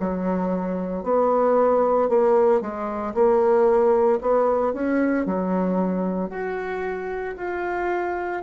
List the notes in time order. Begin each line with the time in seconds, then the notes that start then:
0.00 F#3
1.04 B3
2.09 A#3
2.61 G#3
3.14 A#3
4.21 B3
4.73 C#4
5.26 F#3
6.30 F#4
7.37 F4